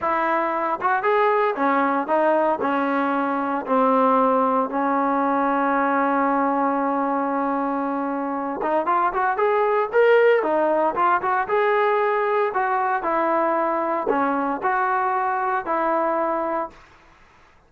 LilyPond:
\new Staff \with { instrumentName = "trombone" } { \time 4/4 \tempo 4 = 115 e'4. fis'8 gis'4 cis'4 | dis'4 cis'2 c'4~ | c'4 cis'2.~ | cis'1~ |
cis'8 dis'8 f'8 fis'8 gis'4 ais'4 | dis'4 f'8 fis'8 gis'2 | fis'4 e'2 cis'4 | fis'2 e'2 | }